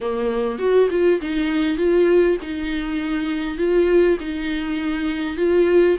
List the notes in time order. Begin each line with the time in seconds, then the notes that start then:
0.00 A#3
0.58 F#4
0.90 F4
1.21 D#4
1.77 F4
2.42 D#4
3.57 F4
4.19 D#4
5.36 F4